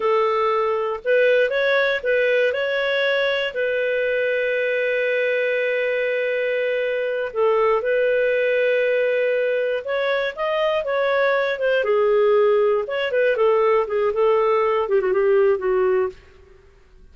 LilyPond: \new Staff \with { instrumentName = "clarinet" } { \time 4/4 \tempo 4 = 119 a'2 b'4 cis''4 | b'4 cis''2 b'4~ | b'1~ | b'2~ b'8 a'4 b'8~ |
b'2.~ b'8 cis''8~ | cis''8 dis''4 cis''4. c''8 gis'8~ | gis'4. cis''8 b'8 a'4 gis'8 | a'4. g'16 fis'16 g'4 fis'4 | }